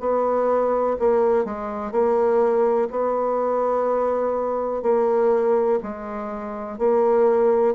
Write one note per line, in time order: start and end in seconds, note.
0.00 0.97 B3
0.99 1.45 A#3
1.45 1.92 G#3
1.92 2.89 A#3
2.91 4.83 B3
4.83 5.79 A#3
5.83 6.79 G#3
6.79 7.75 A#3